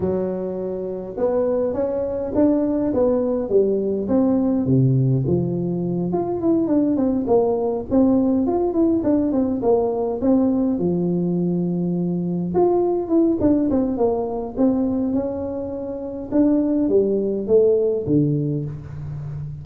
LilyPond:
\new Staff \with { instrumentName = "tuba" } { \time 4/4 \tempo 4 = 103 fis2 b4 cis'4 | d'4 b4 g4 c'4 | c4 f4. f'8 e'8 d'8 | c'8 ais4 c'4 f'8 e'8 d'8 |
c'8 ais4 c'4 f4.~ | f4. f'4 e'8 d'8 c'8 | ais4 c'4 cis'2 | d'4 g4 a4 d4 | }